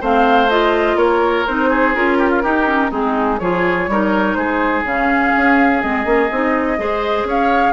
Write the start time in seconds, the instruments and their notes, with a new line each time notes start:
0.00 bassoon A3, clarinet C4, oboe C5, flute F5
0.49 clarinet F4, flute D#5
0.95 bassoon A#3, oboe A#4, flute C#5
1.46 bassoon C4, clarinet D#4, flute C5
1.69 oboe G#4
1.94 bassoon C#4, clarinet F4, flute A#4
2.18 oboe G4
2.30 oboe F4
2.43 clarinet D#4, bassoon D#4, oboe G4
2.66 clarinet C#4
2.90 bassoon G#3, clarinet C4, oboe D#4, flute G#4
3.39 bassoon F3, clarinet F4, oboe G#4, flute C#5
3.87 bassoon G3, clarinet D#4, oboe A#4
4.34 bassoon G#3, oboe G#4, flute C5
4.82 bassoon C#3, clarinet C#4, flute F5
5.36 bassoon C#4
5.80 bassoon G#3, clarinet C4, flute D#5
6.04 bassoon A#3, clarinet C#4
6.30 bassoon C4, clarinet D#4
6.77 bassoon G#3, clarinet G#4, oboe C5
7.23 bassoon C#4, oboe C#5, flute F5